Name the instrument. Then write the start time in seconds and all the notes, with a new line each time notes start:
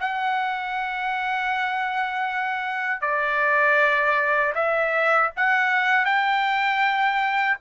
trumpet
0.00 F#5
3.01 D5
4.55 E5
5.36 F#5
6.05 G5